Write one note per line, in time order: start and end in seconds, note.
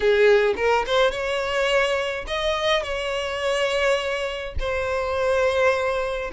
0.00 0.54 G#4
0.56 0.85 A#4
0.86 1.11 C5
1.11 2.25 C#5
2.27 2.82 D#5
2.82 4.54 C#5
4.59 6.31 C5